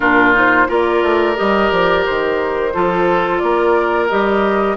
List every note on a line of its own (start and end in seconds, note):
0.00 0.67 A#2
0.00 0.33 D4
0.00 0.67 F4
0.00 0.34 A#4
0.33 0.67 D#4
0.33 0.71 C5
0.68 1.02 A#3
0.68 1.35 F4
0.68 2.73 A#4
0.68 1.37 D5
1.02 1.36 A3
1.35 1.71 G3
1.35 2.71 G4
1.35 1.70 D#5
1.70 2.05 F3
1.70 2.04 D5
2.05 2.74 D#3
2.05 3.38 C5
2.73 3.42 F3
2.73 4.09 F4
2.73 3.42 A4
3.38 4.10 A#3
3.38 4.77 A#4
3.38 4.06 D5
4.08 4.77 G3
4.08 4.77 G4
4.08 4.77 D#5